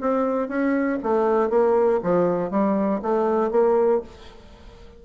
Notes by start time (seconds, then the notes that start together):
0.00 C4
0.48 C#4
1.02 A3
1.49 A#3
2.03 F3
2.50 G3
3.02 A3
3.50 A#3